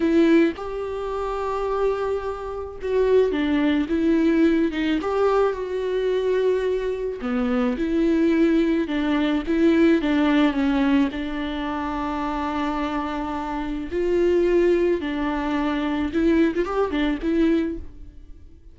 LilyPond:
\new Staff \with { instrumentName = "viola" } { \time 4/4 \tempo 4 = 108 e'4 g'2.~ | g'4 fis'4 d'4 e'4~ | e'8 dis'8 g'4 fis'2~ | fis'4 b4 e'2 |
d'4 e'4 d'4 cis'4 | d'1~ | d'4 f'2 d'4~ | d'4 e'8. f'16 g'8 d'8 e'4 | }